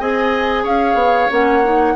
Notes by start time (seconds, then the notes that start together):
0.00 C4 G#4 D#5 G#5
0.64 C#4 C#5 F5
0.94 B3
1.31 A#3 C#4 F#5
1.64 D#4